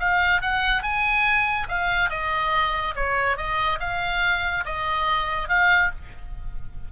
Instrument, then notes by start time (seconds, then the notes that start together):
oboe
0.00 F5
0.42 F#5
0.83 G#5
1.69 F5
2.10 D#5
2.96 C#5
3.37 D#5
3.80 F5
4.66 D#5
5.49 F5